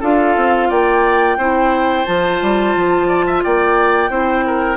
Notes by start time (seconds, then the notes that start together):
0.00 D4 F4 A4 F5
0.37 C4
0.69 A#3 D5 G5
1.37 C4 E4 C5
2.05 F3 F4 A5
2.42 G3
2.75 F3
3.08 D5
3.26 E5
3.44 A#3 D5 G5
4.10 C4 E4 C5
4.46 A#4